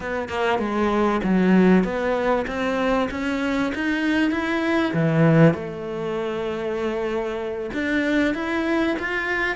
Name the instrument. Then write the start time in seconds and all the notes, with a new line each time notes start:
cello
0.00 B3
0.28 A#3
0.58 G#3
1.23 F#3
1.84 B3
2.47 C4
3.10 C#4
3.74 D#4
4.30 E4
4.93 E3
5.54 A3
7.73 D4
8.34 E4
8.99 F4